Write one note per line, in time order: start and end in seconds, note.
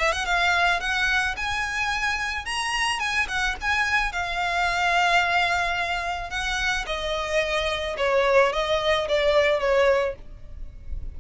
0.00 0.13 E5
0.13 0.26 F#5
0.26 0.81 F5
0.81 1.36 F#5
1.37 2.46 G#5
2.46 3.00 A#5
3.00 3.27 G#5
3.29 3.56 F#5
3.62 4.13 G#5
4.13 6.31 F5
6.31 6.86 F#5
6.87 7.97 D#5
7.98 8.53 C#5
8.53 9.08 D#5
9.09 9.61 D5
9.61 10.16 C#5